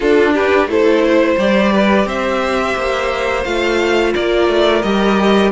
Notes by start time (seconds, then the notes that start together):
0.00 D4 F4 A4
0.33 G4 B4
0.66 A3 E4 A4 C5
1.04 C5
1.37 G3 G4 D5
1.72 B4
2.05 C4 C5 E5
2.75 A#3
3.44 A3 F4 F5
4.14 A#3 A#4 D5
4.48 A3
4.82 G3 G4 D#5